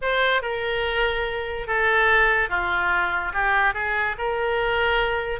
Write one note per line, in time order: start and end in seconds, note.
0.01 0.42 C5
0.42 1.67 A#4
1.67 2.48 A4
2.48 3.32 F4
3.33 3.74 G4
3.74 4.16 G#4
4.18 5.39 A#4